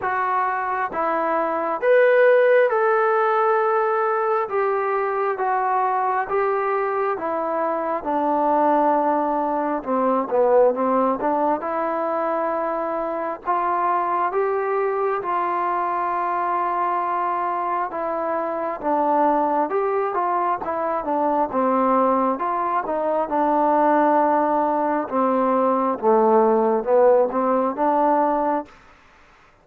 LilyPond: \new Staff \with { instrumentName = "trombone" } { \time 4/4 \tempo 4 = 67 fis'4 e'4 b'4 a'4~ | a'4 g'4 fis'4 g'4 | e'4 d'2 c'8 b8 | c'8 d'8 e'2 f'4 |
g'4 f'2. | e'4 d'4 g'8 f'8 e'8 d'8 | c'4 f'8 dis'8 d'2 | c'4 a4 b8 c'8 d'4 | }